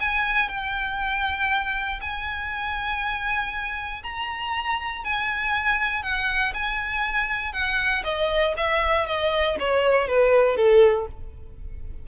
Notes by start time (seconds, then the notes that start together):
0.00 G#5
0.49 G5
2.01 G#5
4.03 A#5
5.04 G#5
6.03 F#5
6.54 G#5
7.52 F#5
8.04 D#5
8.57 E5
9.06 D#5
9.59 C#5
10.08 B4
10.56 A4